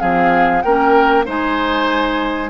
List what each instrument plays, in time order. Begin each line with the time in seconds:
0.00 bassoon F3, clarinet C4, oboe G#4, flute F5
0.62 bassoon A#3, clarinet C#4, oboe A#4, flute G5
1.26 bassoon G#3, clarinet D#4, oboe C5, flute G#5